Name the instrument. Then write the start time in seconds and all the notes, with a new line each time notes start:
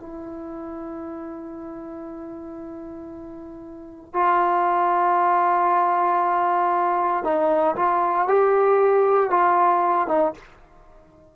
trombone
0.00 E4
4.13 F4
7.24 D#4
7.76 F4
8.28 G4
9.31 F4
10.08 D#4